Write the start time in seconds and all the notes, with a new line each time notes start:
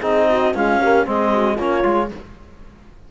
0.00 C4 D#4 G#4 D#5
0.30 F#4
0.54 G#3 C#4 F4 F5
0.80 A#3 G4
1.05 G#3 C4 G#4 D#5
1.33 F#4
1.55 A#3 C#4 F4 C#5
1.83 G#3 F4